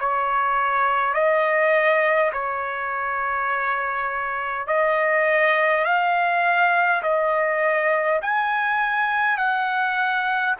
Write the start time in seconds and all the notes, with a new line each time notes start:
0.00 C#5
1.14 D#5
2.33 C#5
4.67 D#5
5.85 F5
7.03 D#5
8.22 G#5
9.38 F#5